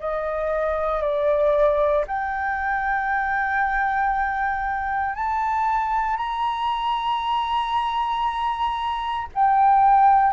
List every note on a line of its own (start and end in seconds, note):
0.00 1.01 D#5
1.01 2.05 D5
2.07 5.15 G5
5.15 6.17 A5
6.17 9.27 A#5
9.34 10.33 G5